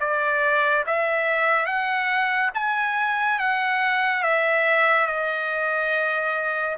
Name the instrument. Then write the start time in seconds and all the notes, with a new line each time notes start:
trumpet
0.00 D5
0.86 E5
1.66 F#5
2.55 G#5
3.39 F#5
4.23 E5
5.07 D#5